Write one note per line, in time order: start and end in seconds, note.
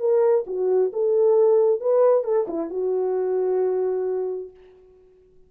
0.00 0.45 A#4
0.47 0.92 F#4
0.93 1.81 A4
1.81 2.24 B4
2.24 2.47 A4
2.48 2.70 E4
2.70 4.51 F#4